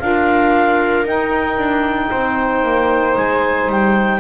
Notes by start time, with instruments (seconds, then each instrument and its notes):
0.00 double bass D4, saxophone F4, viola A#4, clarinet F5
1.04 saxophone D#4, double bass D#4, clarinet G5
1.57 double bass D4
2.11 double bass C4, viola C5
2.64 double bass A#3
3.17 double bass G#3, clarinet G#5
3.69 double bass G3, clarinet G5